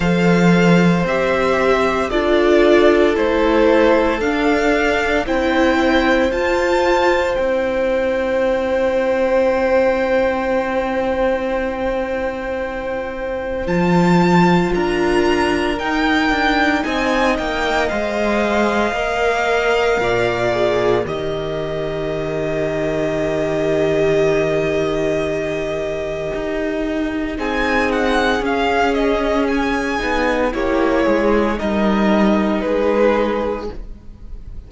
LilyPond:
<<
  \new Staff \with { instrumentName = "violin" } { \time 4/4 \tempo 4 = 57 f''4 e''4 d''4 c''4 | f''4 g''4 a''4 g''4~ | g''1~ | g''4 a''4 ais''4 g''4 |
gis''8 g''8 f''2. | dis''1~ | dis''2 gis''8 fis''8 f''8 dis''8 | gis''4 cis''4 dis''4 b'4 | }
  \new Staff \with { instrumentName = "violin" } { \time 4/4 c''2 a'2~ | a'4 c''2.~ | c''1~ | c''2 ais'2 |
dis''2. d''4 | ais'1~ | ais'2 gis'2~ | gis'4 g'8 gis'8 ais'4 gis'4 | }
  \new Staff \with { instrumentName = "viola" } { \time 4/4 a'4 g'4 f'4 e'4 | d'4 e'4 f'4 e'4~ | e'1~ | e'4 f'2 dis'4~ |
dis'4 c''4 ais'4. gis'8 | g'1~ | g'2 dis'4 cis'4~ | cis'8 dis'8 e'4 dis'2 | }
  \new Staff \with { instrumentName = "cello" } { \time 4/4 f4 c'4 d'4 a4 | d'4 c'4 f'4 c'4~ | c'1~ | c'4 f4 d'4 dis'8 d'8 |
c'8 ais8 gis4 ais4 ais,4 | dis1~ | dis4 dis'4 c'4 cis'4~ | cis'8 b8 ais8 gis8 g4 gis4 | }
>>